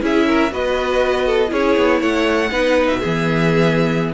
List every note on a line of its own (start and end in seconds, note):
0.00 0.51 C#4
0.00 0.50 E4
0.00 0.27 G#4
0.00 0.53 E5
0.27 0.52 A#4
0.50 1.51 B3
0.50 1.47 F#4
0.50 1.25 B4
0.50 1.52 D#5
1.25 1.50 A4
1.47 1.76 C#4
1.47 2.47 E4
1.47 1.99 G#4
1.47 2.01 C#5
1.76 2.01 B3
1.99 2.51 A3
1.99 2.49 C#5
1.99 2.87 F#5
2.51 2.88 B3
2.51 3.01 D#4
2.51 3.00 B4
2.87 3.03 B2
2.87 4.12 E5
3.00 4.13 E3
3.00 4.13 B3
3.00 4.12 G#4